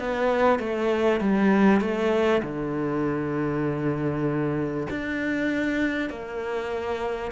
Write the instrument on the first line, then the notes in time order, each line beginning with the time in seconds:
cello
0.00 B3
0.60 A3
1.21 G3
1.81 A3
2.43 D3
4.91 D4
6.10 A#3